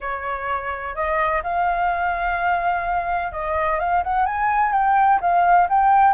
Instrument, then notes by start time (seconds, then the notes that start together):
flute
0.00 C#5
0.95 D#5
1.43 F5
3.32 D#5
3.79 F5
4.03 F#5
4.25 G#5
4.72 G5
5.21 F5
5.69 G5